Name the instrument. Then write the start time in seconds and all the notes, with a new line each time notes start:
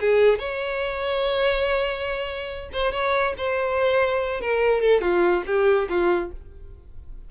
violin
0.00 G#4
0.39 C#5
2.73 C5
2.92 C#5
3.37 C5
4.41 A#4
4.80 A4
5.01 F4
5.46 G4
5.89 F4